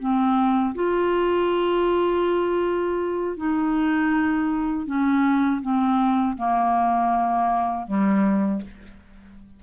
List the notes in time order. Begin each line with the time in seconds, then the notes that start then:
0.00 C4
0.75 F4
3.38 D#4
4.87 C#4
5.62 C4
6.38 A#3
7.87 G3